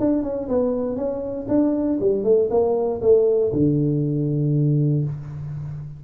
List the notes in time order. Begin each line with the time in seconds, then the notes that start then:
0.00 D4
0.23 C#4
0.49 B3
0.96 C#4
1.48 D4
2.01 G3
2.24 A3
2.50 A#3
3.02 A3
3.52 D3